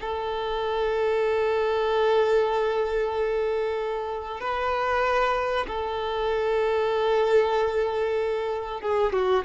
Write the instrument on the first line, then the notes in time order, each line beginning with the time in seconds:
violin
0.00 A4
4.40 B4
5.67 A4
8.81 G#4
9.13 F#4